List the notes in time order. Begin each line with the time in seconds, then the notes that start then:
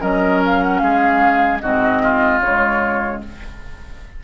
0.00 F#3 C#4 A#4 D#5
0.45 F5
0.62 F#5
0.78 G#3 G#4 F5
1.60 G#2 C4 F#4 D#5
2.02 F4
2.40 C#3 G#3 C#5